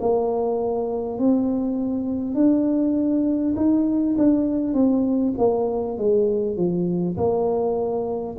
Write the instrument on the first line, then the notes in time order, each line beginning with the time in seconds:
tuba
0.00 A#3
1.19 C4
2.35 D4
3.57 D#4
4.18 D4
4.75 C4
5.38 A#3
5.98 G#3
6.57 F3
7.17 A#3